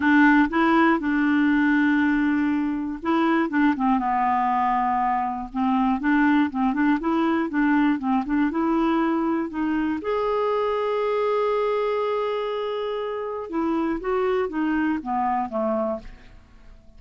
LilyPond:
\new Staff \with { instrumentName = "clarinet" } { \time 4/4 \tempo 4 = 120 d'4 e'4 d'2~ | d'2 e'4 d'8 c'8 | b2. c'4 | d'4 c'8 d'8 e'4 d'4 |
c'8 d'8 e'2 dis'4 | gis'1~ | gis'2. e'4 | fis'4 dis'4 b4 a4 | }